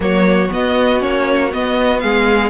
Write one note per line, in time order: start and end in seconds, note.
0.00 0.49 F#3
0.00 0.49 A#3
0.00 2.02 F#4
0.00 0.52 C#5
0.49 0.99 B3
0.49 1.03 B3
0.49 1.02 D#5
0.99 1.53 A#3
0.99 1.49 C#4
0.99 1.52 C#5
1.51 2.49 B3
1.51 2.03 B3
1.51 1.99 D#5
1.99 2.49 G#3
1.99 2.49 G#4
1.99 2.49 F5